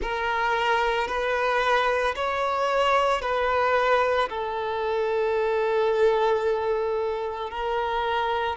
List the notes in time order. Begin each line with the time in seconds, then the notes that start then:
0.01 A#4
1.07 B4
2.15 C#5
3.21 B4
4.29 A4
7.50 A#4